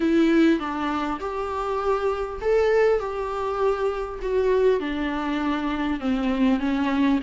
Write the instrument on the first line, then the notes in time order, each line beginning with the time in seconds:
viola
0.00 E4
0.59 D4
1.20 G4
2.41 A4
2.99 G4
4.22 F#4
4.79 D4
6.00 C4
6.59 C#4